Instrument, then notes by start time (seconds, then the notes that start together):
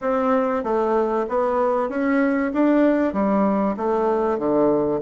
bassoon
0.01 C4
0.63 A3
1.28 B3
1.89 C#4
2.53 D4
3.12 G3
3.76 A3
4.38 D3